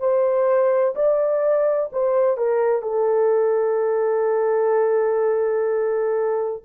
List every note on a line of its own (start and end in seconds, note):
0.00 0.95 C5
0.96 1.91 D5
1.93 2.38 C5
2.38 2.83 A#4
2.83 6.64 A4